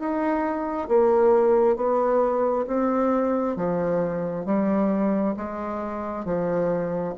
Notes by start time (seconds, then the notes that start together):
0.00 D#4
0.89 A#3
1.77 B3
2.67 C4
3.57 F3
4.46 G3
5.37 G#3
6.25 F3